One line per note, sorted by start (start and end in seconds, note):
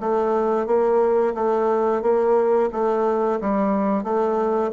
0.00 0.66 A3
0.66 1.34 A#3
1.35 2.02 A3
2.02 2.69 A#3
2.72 3.40 A3
3.41 4.04 G3
4.04 4.71 A3